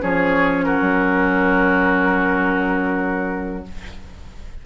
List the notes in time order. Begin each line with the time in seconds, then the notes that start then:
0.00 F3 C#4 G#4 C#5
0.64 F#4 A#4
0.81 F#3